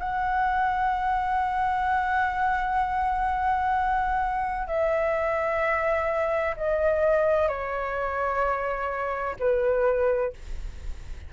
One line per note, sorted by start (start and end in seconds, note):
0.00 4.68 F#5
4.68 6.55 E5
6.57 7.48 D#5
7.48 9.36 C#5
9.40 10.33 B4